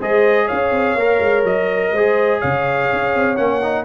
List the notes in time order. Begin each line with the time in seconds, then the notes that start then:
0.00 G#3 G#4 C5 D#5
0.46 C#5 F5
0.53 C#4
0.71 C4
0.96 A#3 A#4
1.20 G#3
1.44 F#3 D#5
1.92 G#3 G#4 C5
2.40 C#3 C#5 F5
2.93 C#4
3.15 C4
3.37 A#3 C#4 F#5
3.63 D#4